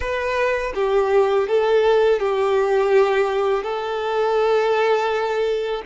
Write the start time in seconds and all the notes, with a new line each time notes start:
0.00 B4
0.74 G4
1.48 A4
2.19 G4
3.63 A4